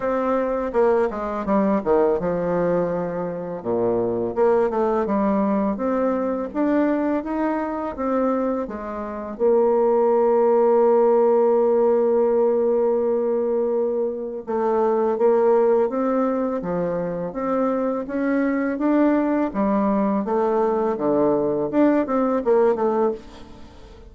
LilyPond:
\new Staff \with { instrumentName = "bassoon" } { \time 4/4 \tempo 4 = 83 c'4 ais8 gis8 g8 dis8 f4~ | f4 ais,4 ais8 a8 g4 | c'4 d'4 dis'4 c'4 | gis4 ais2.~ |
ais1 | a4 ais4 c'4 f4 | c'4 cis'4 d'4 g4 | a4 d4 d'8 c'8 ais8 a8 | }